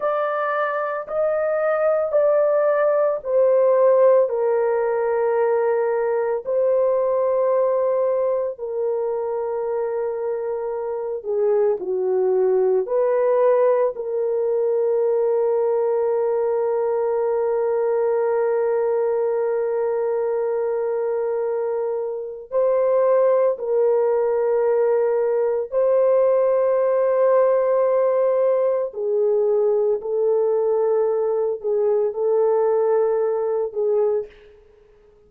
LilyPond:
\new Staff \with { instrumentName = "horn" } { \time 4/4 \tempo 4 = 56 d''4 dis''4 d''4 c''4 | ais'2 c''2 | ais'2~ ais'8 gis'8 fis'4 | b'4 ais'2.~ |
ais'1~ | ais'4 c''4 ais'2 | c''2. gis'4 | a'4. gis'8 a'4. gis'8 | }